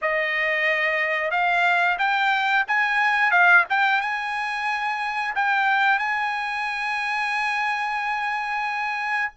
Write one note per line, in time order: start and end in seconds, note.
0.01 1.30 D#5
1.30 1.97 F5
1.98 2.65 G5
2.67 3.31 G#5
3.31 3.64 F5
3.69 4.01 G5
4.01 5.34 G#5
5.35 5.98 G5
5.98 9.32 G#5